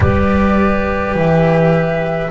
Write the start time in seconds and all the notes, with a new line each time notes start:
0.00 G3 G4 B4 D5
1.14 E3 E5